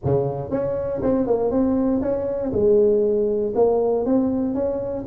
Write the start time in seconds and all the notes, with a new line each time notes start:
0.04 C#3
0.50 C#4
1.02 C4
1.26 A#3
1.50 C4
2.01 C#4
2.52 G#3
3.55 A#3
4.05 C4
4.54 C#4